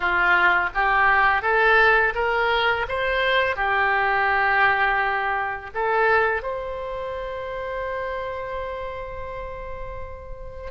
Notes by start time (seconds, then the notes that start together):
0.00 F4
0.74 G4
1.42 A4
2.14 A#4
2.88 C5
3.56 G4
5.74 A4
6.42 C5